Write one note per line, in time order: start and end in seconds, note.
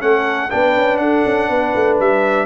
0.00 0.52 A3
0.00 0.50 C#4
0.00 0.53 A4
0.00 0.51 F#5
0.51 0.76 B3
0.51 2.46 D4
0.51 1.01 B4
0.51 0.97 G5
0.76 0.99 C#4
0.97 1.23 D4
0.97 1.48 A4
0.97 1.96 F#5
1.26 1.50 C#4
1.48 1.74 B3
1.48 2.46 B4
1.75 2.00 A3
2.00 2.46 G3
2.00 2.46 E5